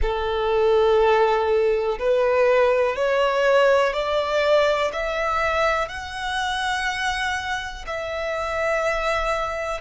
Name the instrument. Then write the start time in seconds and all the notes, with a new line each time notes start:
violin
0.01 A4
1.99 B4
2.96 C#5
3.93 D5
4.92 E5
5.88 F#5
7.86 E5